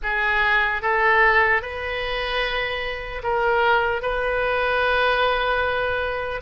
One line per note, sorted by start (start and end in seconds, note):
0.02 0.81 G#4
0.81 1.61 A4
1.61 3.21 B4
3.23 4.02 A#4
4.02 6.41 B4